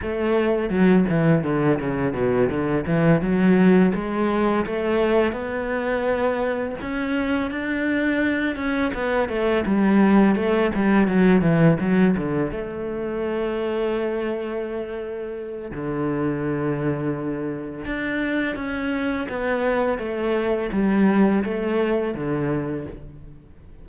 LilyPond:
\new Staff \with { instrumentName = "cello" } { \time 4/4 \tempo 4 = 84 a4 fis8 e8 d8 cis8 b,8 d8 | e8 fis4 gis4 a4 b8~ | b4. cis'4 d'4. | cis'8 b8 a8 g4 a8 g8 fis8 |
e8 fis8 d8 a2~ a8~ | a2 d2~ | d4 d'4 cis'4 b4 | a4 g4 a4 d4 | }